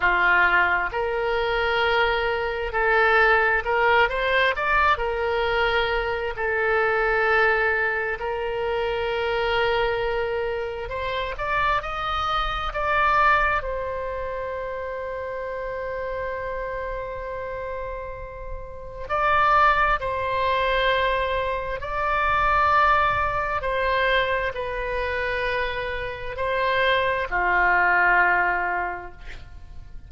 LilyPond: \new Staff \with { instrumentName = "oboe" } { \time 4/4 \tempo 4 = 66 f'4 ais'2 a'4 | ais'8 c''8 d''8 ais'4. a'4~ | a'4 ais'2. | c''8 d''8 dis''4 d''4 c''4~ |
c''1~ | c''4 d''4 c''2 | d''2 c''4 b'4~ | b'4 c''4 f'2 | }